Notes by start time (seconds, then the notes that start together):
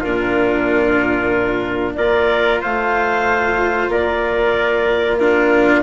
0.00 A#2 D4 F4 A#4
1.95 A#3 F4 A#4 D5
2.61 A3 C5 F5
3.88 A#3 A#4 D5
5.17 D4 F4 A#4